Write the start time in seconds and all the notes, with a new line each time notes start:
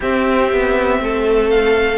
0.00 C4 G4 E5
0.52 B3
1.00 A3 A4
1.50 F5